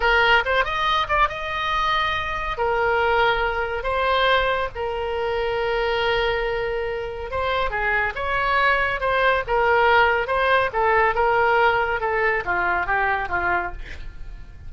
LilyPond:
\new Staff \with { instrumentName = "oboe" } { \time 4/4 \tempo 4 = 140 ais'4 c''8 dis''4 d''8 dis''4~ | dis''2 ais'2~ | ais'4 c''2 ais'4~ | ais'1~ |
ais'4 c''4 gis'4 cis''4~ | cis''4 c''4 ais'2 | c''4 a'4 ais'2 | a'4 f'4 g'4 f'4 | }